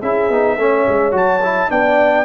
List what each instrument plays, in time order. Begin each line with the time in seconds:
0.00 tuba C#4, trombone E4, horn G#4, trumpet E5
0.30 tuba B3, trombone D#4
0.58 tuba A3, trombone C#4, horn C#5
0.88 tuba G#3
1.11 tuba F#3, trombone F#4, trumpet A5
1.44 trombone E4
1.69 tuba B3, trombone D4, horn D5, trumpet G5